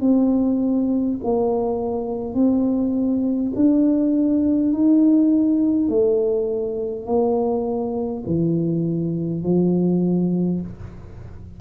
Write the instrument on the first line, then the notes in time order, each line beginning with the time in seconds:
tuba
0.00 C4
1.24 A#3
2.34 C4
3.55 D4
4.73 D#4
5.88 A3
7.05 A#3
8.26 E3
9.43 F3